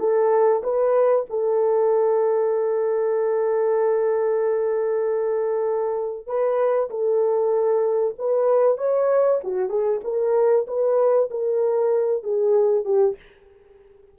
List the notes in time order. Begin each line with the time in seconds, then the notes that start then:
0.00 A4
0.64 B4
1.30 A4
6.27 B4
6.90 A4
8.19 B4
8.78 C#5
9.44 F#4
9.69 G#4
10.04 A#4
10.68 B4
11.31 A#4
12.24 G#4
12.85 G4